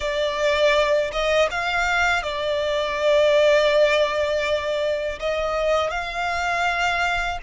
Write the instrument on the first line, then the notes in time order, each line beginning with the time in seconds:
violin
0.00 D5
1.11 D#5
1.51 F5
2.22 D5
5.19 D#5
5.90 F5